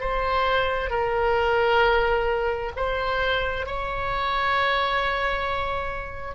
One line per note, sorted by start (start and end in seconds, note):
0.00 0.90 C5
0.90 2.71 A#4
2.76 3.66 C5
3.66 6.35 C#5